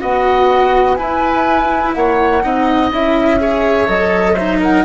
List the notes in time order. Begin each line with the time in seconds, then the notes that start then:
0.00 B3 F#4 D#5 F#5
0.95 E4 B4 G#5
1.01 E4
1.94 A#3 C#5 F#5
2.43 C4 D#4 D#5
2.92 C#4 E4 E5
3.39 G#4 C#5
3.87 F#3 A4 D#5
4.34 D#4 C5 E5
4.60 A#4 F#5